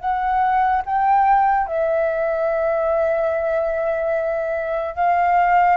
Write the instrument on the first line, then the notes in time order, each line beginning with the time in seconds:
flute
0.00 F#5
0.86 G5
1.67 E5
4.95 F5